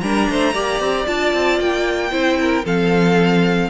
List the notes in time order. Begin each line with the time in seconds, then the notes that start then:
0.00 G3 D4 A#4 A#5
0.29 A3 C5
0.54 A#3 G4 D5
0.80 C4
1.05 D4 F4 A5
1.33 C4
1.59 A#3 G5
2.11 C4 E4 C5
2.41 A#4
2.64 F3 C4 A4 F5